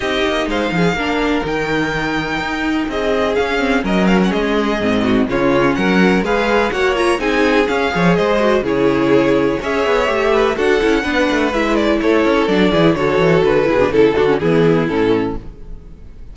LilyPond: <<
  \new Staff \with { instrumentName = "violin" } { \time 4/4 \tempo 4 = 125 dis''4 f''2 g''4~ | g''2 dis''4 f''4 | dis''8 f''16 fis''16 dis''2 cis''4 | fis''4 f''4 fis''8 ais''8 gis''4 |
f''4 dis''4 cis''2 | e''2 fis''2 | e''8 d''8 cis''4 d''4 cis''4 | b'4 a'8 fis'8 gis'4 a'4 | }
  \new Staff \with { instrumentName = "violin" } { \time 4/4 g'4 c''8 gis'8 ais'2~ | ais'2 gis'2 | ais'4 gis'4. fis'8 f'4 | ais'4 b'4 cis''4 gis'4~ |
gis'8 cis''8 c''4 gis'2 | cis''4. b'8 a'4 b'4~ | b'4 a'4. gis'8 a'4~ | a'8 gis'8 a'4 e'2 | }
  \new Staff \with { instrumentName = "viola" } { \time 4/4 dis'2 d'4 dis'4~ | dis'2. cis'8 c'8 | cis'2 c'4 cis'4~ | cis'4 gis'4 fis'8 f'8 dis'4 |
cis'8 gis'4 fis'8 e'2 | gis'4 g'4 fis'8 e'8 d'4 | e'2 d'8 e'8 fis'4~ | fis'8 e'16 d'16 e'8 d'16 cis'16 b4 cis'4 | }
  \new Staff \with { instrumentName = "cello" } { \time 4/4 c'8 ais8 gis8 f8 ais4 dis4~ | dis4 dis'4 c'4 cis'4 | fis4 gis4 gis,4 cis4 | fis4 gis4 ais4 c'4 |
cis'8 f8 gis4 cis2 | cis'8 b8 a4 d'8 cis'8 b8 a8 | gis4 a8 cis'8 fis8 e8 d8 e8 | d8 b,8 cis8 d8 e4 a,4 | }
>>